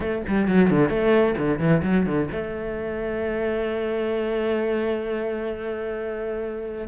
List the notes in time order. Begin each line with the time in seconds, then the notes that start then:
0.00 A3
0.27 G3
0.47 F#3
0.70 D3
0.89 A3
1.37 D3
1.59 E3
1.83 F#3
2.05 D3
2.31 A3